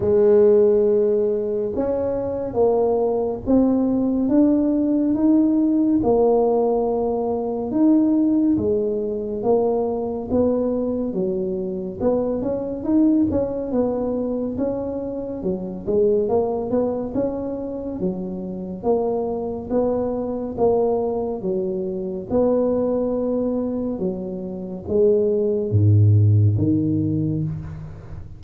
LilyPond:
\new Staff \with { instrumentName = "tuba" } { \time 4/4 \tempo 4 = 70 gis2 cis'4 ais4 | c'4 d'4 dis'4 ais4~ | ais4 dis'4 gis4 ais4 | b4 fis4 b8 cis'8 dis'8 cis'8 |
b4 cis'4 fis8 gis8 ais8 b8 | cis'4 fis4 ais4 b4 | ais4 fis4 b2 | fis4 gis4 gis,4 dis4 | }